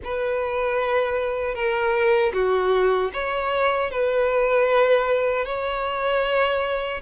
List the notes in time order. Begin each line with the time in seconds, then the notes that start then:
0.04 B4
1.54 A#4
2.33 F#4
3.13 C#5
3.91 B4
5.45 C#5